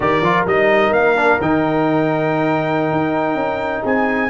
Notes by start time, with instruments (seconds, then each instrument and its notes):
0.00 tuba D#3, trombone G4, horn A#4, trumpet D5
0.21 tuba F3, trombone F4
0.46 tuba G3, trombone D#4, trumpet D#5
0.91 tuba A#3, trumpet F5
1.16 trombone D4
1.41 tuba D#3, trombone D#4, trumpet G5
2.91 tuba D#4
3.34 tuba C#4
3.83 tuba C4, horn G#4, trumpet G#5